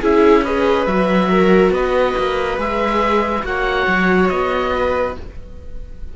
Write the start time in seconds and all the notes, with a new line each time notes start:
0.00 C#4 E4 G#4 E5
0.44 G#4 B4 D#5
0.86 F#3 F#4 E5
1.31 A#4
1.71 B3 B4 D#5
2.18 A#3
2.58 G#3 G#4 E5
3.43 A#3 F#4 C#5 F#5
3.87 F#3
4.29 B3 D#5
4.74 B4